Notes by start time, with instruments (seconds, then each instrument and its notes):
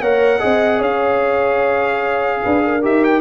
0.00 tuba A#3, trombone A#4, horn C#5, trumpet F#5
0.39 tuba C4, trombone G#4, horn D#5
0.79 tuba C#4, horn C#5, trumpet F5
2.44 tuba D4, horn B4
2.64 horn A#4
2.82 tuba D#4, trombone G4, trumpet E5
3.04 trumpet G5